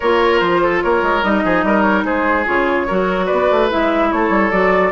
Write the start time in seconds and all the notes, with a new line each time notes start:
0.00 A#3 F4 A#4 C#5
0.39 F3 C5
0.62 A4
0.82 A#3 A#4 C#5
1.02 G#3
1.23 G3 D#4 D#5
1.44 F3 G#4
1.63 G3 A#4
1.81 C#5
2.04 G#3 G#4 C5
2.45 C#3 F4 C#5
2.87 F#3 F#4 A#4
3.25 B3 B4 D5
3.50 A3
3.70 G#3 E4 E5
4.12 A3 A4 C#5
4.29 G3
4.51 F#3 F#4 D5